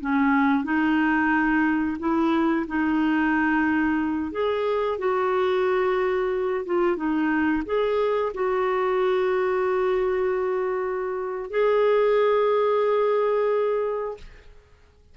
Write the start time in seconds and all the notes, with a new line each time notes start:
0.00 C#4
0.64 D#4
1.99 E4
2.67 D#4
4.31 G#4
4.98 F#4
6.65 F4
6.96 D#4
7.65 G#4
8.34 F#4
11.50 G#4